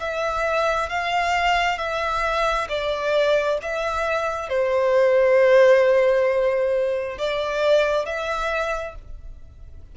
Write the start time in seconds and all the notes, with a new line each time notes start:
0.00 E5
0.89 F5
1.78 E5
2.69 D5
3.62 E5
4.49 C5
7.18 D5
8.06 E5